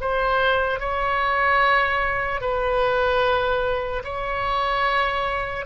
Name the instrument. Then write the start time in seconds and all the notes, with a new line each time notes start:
oboe
0.00 C5
0.79 C#5
2.40 B4
4.04 C#5